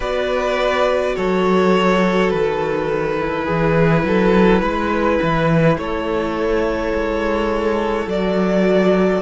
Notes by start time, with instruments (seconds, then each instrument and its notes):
0.00 cello B3, viola F#4, violin B4 D5
1.16 cello F#3, violin A4 C#5
2.30 cello D#3, violin B4
3.19 viola E4
3.44 cello E3, violin G#4
4.03 cello F#3, violin A4
4.61 cello G#3, violin B4
5.22 cello E3
5.77 cello A3, violin A4 C#5
6.93 cello G#3
8.06 cello F#3, viola F#4, violin D5